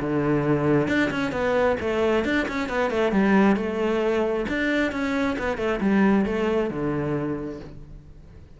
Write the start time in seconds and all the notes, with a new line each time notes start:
0.00 D3
0.88 D4
1.10 C#4
1.31 B3
1.80 A3
2.24 D4
2.48 C#4
2.69 B3
2.90 A3
3.12 G3
3.56 A3
4.48 D4
4.92 C#4
5.38 B3
5.57 A3
5.80 G3
6.25 A3
6.70 D3